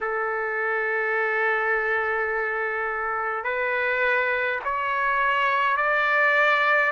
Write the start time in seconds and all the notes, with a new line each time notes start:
0.00 A4
3.44 B4
4.64 C#5
5.76 D5